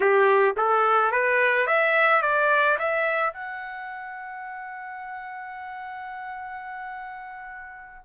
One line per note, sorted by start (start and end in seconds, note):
0.00 0.55 G4
0.57 1.11 A4
1.11 1.66 B4
1.66 2.21 E5
2.21 2.77 D5
2.79 3.33 E5
3.33 8.05 F#5